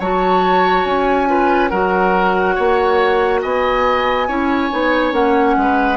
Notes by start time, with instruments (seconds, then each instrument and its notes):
0.00 bassoon F#3, clarinet F#4, oboe C#5, flute A5
0.85 bassoon C#4, flute G#5
1.27 clarinet F4, oboe B4
1.69 bassoon F#3, clarinet F#4, oboe A#4, flute F#5
2.55 bassoon A#3, oboe C#5
3.42 bassoon B3, oboe D#5, flute G#5
4.28 bassoon C#4, clarinet E4, oboe C#5
4.70 bassoon B3, clarinet D#4
5.12 bassoon A#3, clarinet C#4, flute F#5
5.57 bassoon G#3, oboe B4